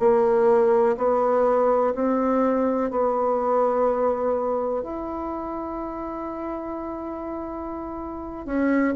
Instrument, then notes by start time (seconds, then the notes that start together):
bassoon
0.00 A#3
0.97 B3
1.95 C4
2.91 B3
4.83 E4
8.46 C#4